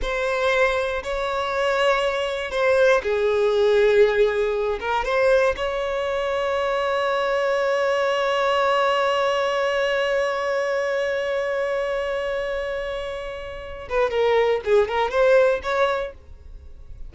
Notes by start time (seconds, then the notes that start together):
0.02 C5
1.03 C#5
2.51 C5
3.02 G#4
4.80 A#4
5.04 C5
5.56 C#5
13.89 B4
14.10 A#4
14.64 G#4
14.88 A#4
15.10 C5
15.62 C#5